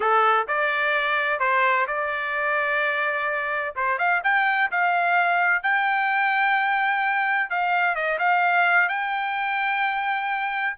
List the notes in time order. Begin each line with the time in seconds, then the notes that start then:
0.00 A4
0.47 D5
1.39 C5
1.87 D5
3.75 C5
3.98 F5
4.23 G5
4.71 F5
5.62 G5
7.50 F5
7.95 D#5
8.18 F5
8.88 G5